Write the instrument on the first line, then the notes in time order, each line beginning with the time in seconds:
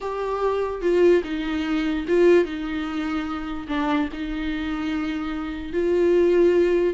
viola
0.00 G4
0.81 F4
1.24 D#4
2.07 F4
2.45 D#4
3.68 D4
4.12 D#4
5.73 F4